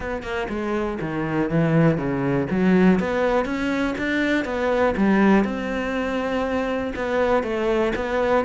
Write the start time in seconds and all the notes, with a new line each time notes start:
0.00 B3
0.23 A#3
0.49 G#3
1.01 D#3
1.50 E3
1.97 C#3
2.50 F#3
2.99 B3
3.45 C#4
3.97 D4
4.44 B3
4.97 G3
5.44 C4
6.95 B3
7.43 A3
7.95 B3